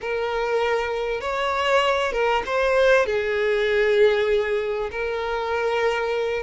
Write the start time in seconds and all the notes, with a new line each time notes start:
0.01 A#4
1.21 C#5
2.12 A#4
2.45 C5
3.06 G#4
4.91 A#4